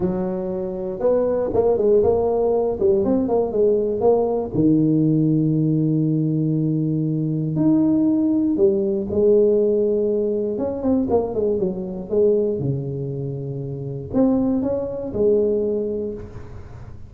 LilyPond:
\new Staff \with { instrumentName = "tuba" } { \time 4/4 \tempo 4 = 119 fis2 b4 ais8 gis8 | ais4. g8 c'8 ais8 gis4 | ais4 dis2.~ | dis2. dis'4~ |
dis'4 g4 gis2~ | gis4 cis'8 c'8 ais8 gis8 fis4 | gis4 cis2. | c'4 cis'4 gis2 | }